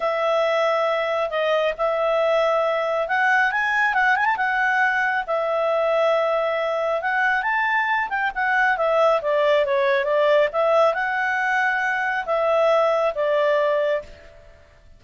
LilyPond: \new Staff \with { instrumentName = "clarinet" } { \time 4/4 \tempo 4 = 137 e''2. dis''4 | e''2. fis''4 | gis''4 fis''8 gis''16 a''16 fis''2 | e''1 |
fis''4 a''4. g''8 fis''4 | e''4 d''4 cis''4 d''4 | e''4 fis''2. | e''2 d''2 | }